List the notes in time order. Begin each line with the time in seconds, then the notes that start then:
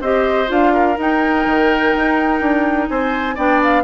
0.00 C4 G4 C5 D#5
0.47 D4 F4 F5
0.73 A#4
0.97 D#4 G5
1.46 D#3
1.95 D#4
2.40 D4
2.89 C4 C5 G#5
3.35 B3 D4 D5 G5
3.63 F5